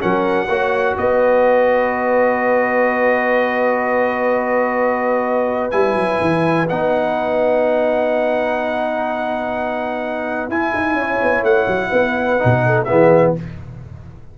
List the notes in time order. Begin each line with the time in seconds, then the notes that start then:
0.00 F#3 C#4 A#4 F#5
0.48 A#3 F#4 C#5
0.97 B3 B4 D#5
5.71 G3 E4 G#5
5.95 F#3
6.21 E3
6.69 B3 D#4 F#5
10.48 E4 G#5
10.74 D#4
10.93 C#4 C#5
11.22 B3
11.43 A3 F#5
11.67 F#3
11.90 B3 B4
12.39 B2 D#4
12.66 A4
12.84 B3 G#4 E5
12.91 E3